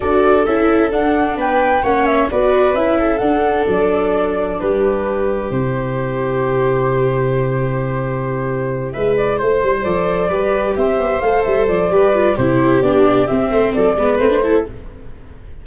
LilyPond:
<<
  \new Staff \with { instrumentName = "flute" } { \time 4/4 \tempo 4 = 131 d''4 e''4 fis''4 g''4 | fis''8 e''8 d''4 e''4 fis''4 | d''2 b'2 | c''1~ |
c''2.~ c''8 e''8 | d''8 c''4 d''2 e''8~ | e''8 f''8 e''8 d''4. c''4 | d''4 e''4 d''4 c''4 | }
  \new Staff \with { instrumentName = "viola" } { \time 4/4 a'2. b'4 | cis''4 b'4. a'4.~ | a'2 g'2~ | g'1~ |
g'2.~ g'8 b'8~ | b'8 c''2 b'4 c''8~ | c''2 b'4 g'4~ | g'4. c''8 a'8 b'4 a'8 | }
  \new Staff \with { instrumentName = "viola" } { \time 4/4 fis'4 e'4 d'2 | cis'4 fis'4 e'4 d'4~ | d'1 | e'1~ |
e'1~ | e'4. a'4 g'4.~ | g'8 a'4. g'8 f'8 e'4 | d'4 c'4. b8 c'16 d'16 e'8 | }
  \new Staff \with { instrumentName = "tuba" } { \time 4/4 d'4 cis'4 d'4 b4 | ais4 b4 cis'4 d'4 | fis2 g2 | c1~ |
c2.~ c8 gis8~ | gis8 a8 g8 f4 g4 c'8 | b8 a8 g8 f8 g4 c4 | b4 c'8 a8 fis8 gis8 a4 | }
>>